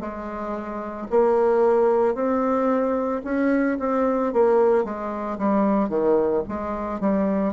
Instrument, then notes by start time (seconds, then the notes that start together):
bassoon
0.00 G#3
1.10 A#3
2.14 C4
3.24 C#4
3.79 C4
4.33 A#3
4.84 G#3
5.38 G3
5.89 D#3
6.48 G#3
7.00 G3